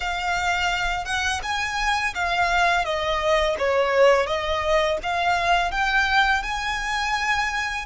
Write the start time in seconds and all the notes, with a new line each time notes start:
0.00 F5
1.05 F#5
1.42 G#5
2.14 F5
2.84 D#5
3.58 C#5
4.26 D#5
5.02 F5
5.71 G5
6.42 G#5